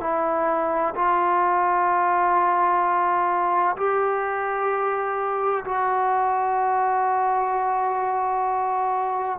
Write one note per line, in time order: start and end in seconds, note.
0.00 0.94 E4
0.95 3.76 F4
3.76 5.64 G4
5.65 9.39 F#4